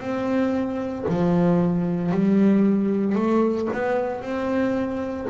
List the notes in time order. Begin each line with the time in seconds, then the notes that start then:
0.00 C4
1.08 F3
2.11 G3
3.15 A3
3.73 B3
4.22 C4